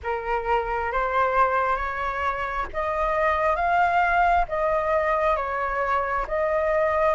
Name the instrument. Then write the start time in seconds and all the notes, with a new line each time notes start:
flute
0.03 A#4
0.92 C5
1.76 C#5
2.73 D#5
3.55 F5
4.48 D#5
5.36 C#5
6.27 D#5